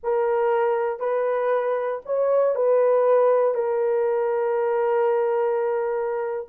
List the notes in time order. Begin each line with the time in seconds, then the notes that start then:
0.03 A#4
0.99 B4
2.05 C#5
2.55 B4
3.54 A#4